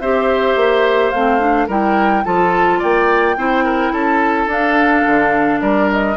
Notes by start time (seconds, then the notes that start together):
0.00 C4 G4 C5 E5
0.56 A#3
1.11 A3 C4 F5
1.40 D4
1.68 G3 E4 A#4 G5
2.24 F3 F4 A4 A5
2.79 A#3 D5 G5
3.37 C4 E4 C5
3.64 A#4
3.92 C#4 A4 A5
4.47 D4 F5
5.06 D3
5.61 G3 A#4 D5
5.92 D#5